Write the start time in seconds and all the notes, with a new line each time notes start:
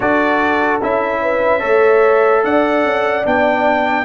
0.00 D4 F#4 A4 D5
0.81 C#4 E4 E5
1.22 B4
1.59 A3 A4 C#5
2.44 D4 D5 F#5
2.84 C#4
3.24 B3 D4 G5